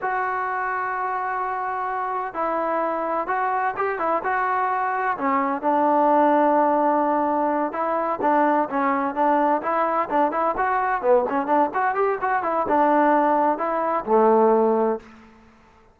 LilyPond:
\new Staff \with { instrumentName = "trombone" } { \time 4/4 \tempo 4 = 128 fis'1~ | fis'4 e'2 fis'4 | g'8 e'8 fis'2 cis'4 | d'1~ |
d'8 e'4 d'4 cis'4 d'8~ | d'8 e'4 d'8 e'8 fis'4 b8 | cis'8 d'8 fis'8 g'8 fis'8 e'8 d'4~ | d'4 e'4 a2 | }